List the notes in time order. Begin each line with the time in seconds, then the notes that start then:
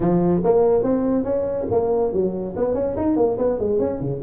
0.00 F3
0.44 A#3
0.83 C4
1.24 C#4
1.71 A#3
2.12 F#3
2.56 B3
2.74 C#4
2.96 D#4
3.16 A#3
3.38 B3
3.59 G#3
3.79 C#4
4.00 C#3